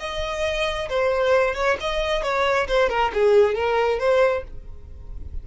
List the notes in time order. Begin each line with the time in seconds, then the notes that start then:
0.00 D#5
0.89 C5
1.55 C#5
1.81 D#5
2.23 C#5
2.68 C5
2.89 A#4
3.14 G#4
3.55 A#4
3.99 C5